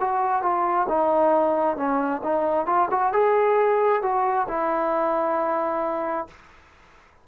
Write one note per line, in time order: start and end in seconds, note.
0.00 0.42 F#4
0.42 0.87 F4
0.89 1.77 D#4
1.77 2.22 C#4
2.23 2.66 D#4
2.66 2.89 F4
2.91 3.13 F#4
3.13 4.02 G#4
4.02 4.47 F#4
4.49 6.28 E4